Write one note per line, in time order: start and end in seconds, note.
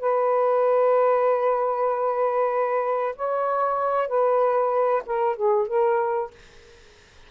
0.00 3.16 B4
3.16 4.08 C#5
4.08 5.03 B4
5.06 5.36 A#4
5.36 5.68 G#4
5.68 6.31 A#4